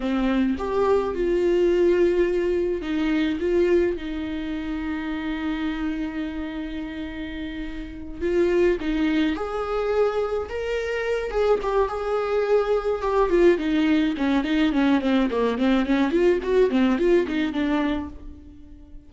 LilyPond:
\new Staff \with { instrumentName = "viola" } { \time 4/4 \tempo 4 = 106 c'4 g'4 f'2~ | f'4 dis'4 f'4 dis'4~ | dis'1~ | dis'2~ dis'8 f'4 dis'8~ |
dis'8 gis'2 ais'4. | gis'8 g'8 gis'2 g'8 f'8 | dis'4 cis'8 dis'8 cis'8 c'8 ais8 c'8 | cis'8 f'8 fis'8 c'8 f'8 dis'8 d'4 | }